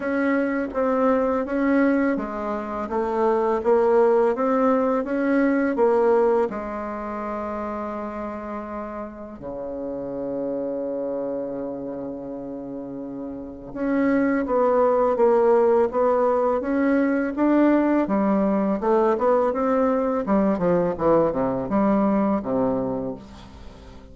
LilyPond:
\new Staff \with { instrumentName = "bassoon" } { \time 4/4 \tempo 4 = 83 cis'4 c'4 cis'4 gis4 | a4 ais4 c'4 cis'4 | ais4 gis2.~ | gis4 cis2.~ |
cis2. cis'4 | b4 ais4 b4 cis'4 | d'4 g4 a8 b8 c'4 | g8 f8 e8 c8 g4 c4 | }